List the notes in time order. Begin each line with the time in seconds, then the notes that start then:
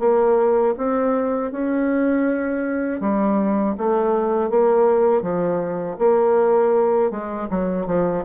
0.00 A#3
0.78 C4
1.52 C#4
3.01 G3
3.78 A3
4.50 A#3
5.22 F3
5.99 A#3
7.11 G#3
7.50 F#3
7.87 F3